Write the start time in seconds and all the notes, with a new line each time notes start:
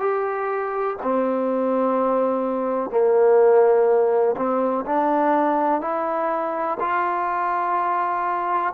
0.00 G4
1.03 C4
2.90 A#3
4.37 C4
4.86 D4
5.81 E4
6.80 F4